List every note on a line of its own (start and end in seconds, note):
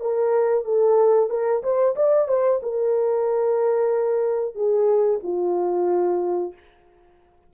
0.00 0.64 A#4
0.64 1.30 A4
1.30 1.62 A#4
1.63 1.95 C5
1.96 2.28 D5
2.28 2.61 C5
2.63 4.55 A#4
4.55 5.20 G#4
5.23 6.53 F4